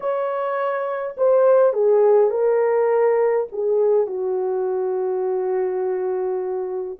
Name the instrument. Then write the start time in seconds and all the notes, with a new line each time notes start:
horn
0.00 C#5
1.17 C5
1.73 G#4
2.30 A#4
3.52 G#4
4.06 F#4